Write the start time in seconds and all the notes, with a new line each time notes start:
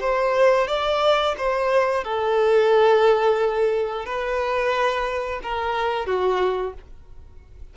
0.00 C5
0.68 D5
1.38 C5
2.04 A4
4.05 B4
5.43 A#4
6.06 F#4